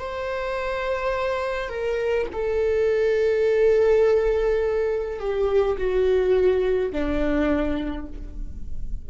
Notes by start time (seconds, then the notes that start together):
0.00 C5
1.69 A#4
2.33 A4
5.20 G4
5.78 F#4
6.92 D4